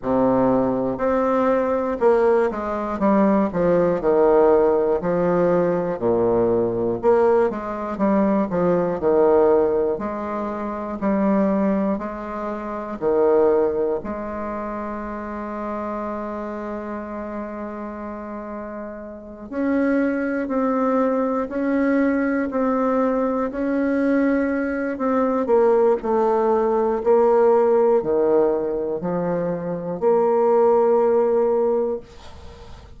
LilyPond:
\new Staff \with { instrumentName = "bassoon" } { \time 4/4 \tempo 4 = 60 c4 c'4 ais8 gis8 g8 f8 | dis4 f4 ais,4 ais8 gis8 | g8 f8 dis4 gis4 g4 | gis4 dis4 gis2~ |
gis2.~ gis8 cis'8~ | cis'8 c'4 cis'4 c'4 cis'8~ | cis'4 c'8 ais8 a4 ais4 | dis4 f4 ais2 | }